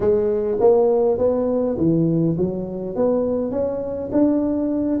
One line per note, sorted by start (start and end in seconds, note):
0.00 0.57 G#3
0.60 1.17 A#3
1.17 1.76 B3
1.77 2.36 E3
2.37 2.95 F#3
2.95 3.51 B3
3.51 4.09 C#4
4.11 5.00 D4